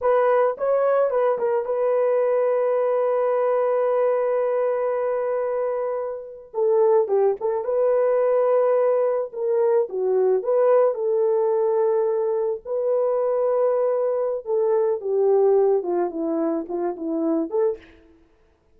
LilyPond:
\new Staff \with { instrumentName = "horn" } { \time 4/4 \tempo 4 = 108 b'4 cis''4 b'8 ais'8 b'4~ | b'1~ | b'2.~ b'8. a'16~ | a'8. g'8 a'8 b'2~ b'16~ |
b'8. ais'4 fis'4 b'4 a'16~ | a'2~ a'8. b'4~ b'16~ | b'2 a'4 g'4~ | g'8 f'8 e'4 f'8 e'4 a'8 | }